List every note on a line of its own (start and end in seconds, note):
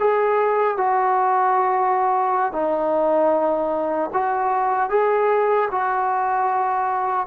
0.00 0.77 G#4
0.77 2.53 F#4
2.53 4.11 D#4
4.13 4.90 F#4
4.90 5.69 G#4
5.71 7.27 F#4